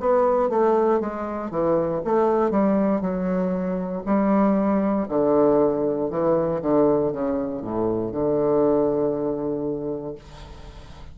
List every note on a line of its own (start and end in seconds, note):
0.00 0.50 B3
0.50 1.01 A3
1.01 1.51 G#3
1.51 2.02 E3
2.05 2.51 A3
2.51 3.01 G3
3.01 4.03 F#3
4.06 5.08 G3
5.09 6.11 D3
6.11 6.61 E3
6.62 7.13 D3
7.13 7.62 C#3
7.62 8.12 A2
8.12 10.16 D3